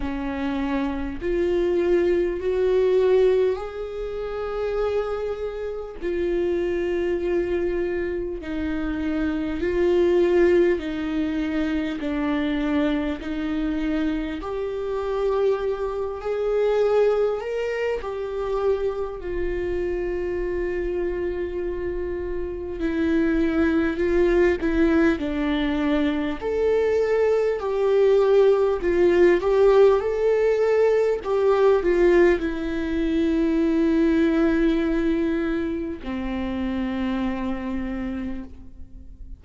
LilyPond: \new Staff \with { instrumentName = "viola" } { \time 4/4 \tempo 4 = 50 cis'4 f'4 fis'4 gis'4~ | gis'4 f'2 dis'4 | f'4 dis'4 d'4 dis'4 | g'4. gis'4 ais'8 g'4 |
f'2. e'4 | f'8 e'8 d'4 a'4 g'4 | f'8 g'8 a'4 g'8 f'8 e'4~ | e'2 c'2 | }